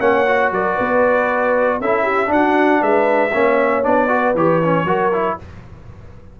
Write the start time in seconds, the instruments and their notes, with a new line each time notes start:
0.00 tuba A#3, trombone C#4, horn C#5, trumpet F#5
0.27 trombone F#4
0.51 tuba F#3, horn A#4, trumpet D5
0.74 tuba B3, horn B4
1.80 tuba C#4, trombone E4, horn A4, trumpet E5
2.03 horn G4
2.27 trombone D4, tuba D4, horn F#4, trumpet F#5
2.81 tuba G#3, horn B4, trumpet E5
3.34 tuba A#3, trombone C#4, horn C#5
3.83 tuba B3, trombone D4, trumpet D5
4.08 trombone F#4, horn B4
4.35 tuba E3, trombone G4, trumpet C#5
4.64 trombone C#4
4.85 tuba F#3, trombone F#4, horn A#4
5.13 trombone E4